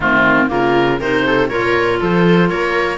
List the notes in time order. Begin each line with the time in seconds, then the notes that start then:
0.00 D#3 A3 C4 F4
0.47 C#3 A#3 F4 A#4
1.00 C3 D#4 A#4 C5
1.26 A4
1.48 A#2 F4 A#4 C#5
2.00 F3 A4 C5
2.49 A#3 A#4 C#5